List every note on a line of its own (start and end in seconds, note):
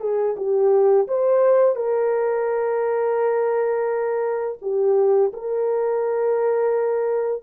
0.00 0.35 G#4
0.37 1.07 G4
1.07 1.76 C5
1.76 4.58 A#4
4.61 5.32 G4
5.33 7.42 A#4